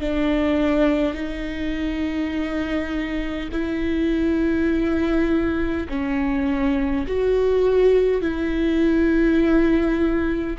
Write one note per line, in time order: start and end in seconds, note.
0.00 1.13 D4
1.13 3.49 D#4
3.52 5.87 E4
5.88 7.06 C#4
7.06 8.21 F#4
8.21 10.57 E4